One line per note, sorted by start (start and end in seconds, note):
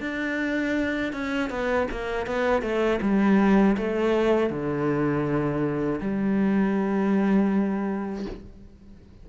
0.00 1.12 D4
1.12 1.49 C#4
1.49 1.87 B3
1.91 2.26 A#3
2.26 2.61 B3
2.61 2.99 A3
3.01 3.76 G3
3.77 4.49 A3
4.49 5.99 D3
6.00 8.25 G3